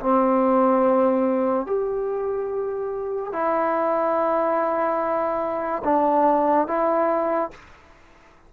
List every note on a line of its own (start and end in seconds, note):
0.00 1.66 C4
1.66 3.33 G4
3.33 5.83 E4
5.84 6.67 D4
6.67 7.50 E4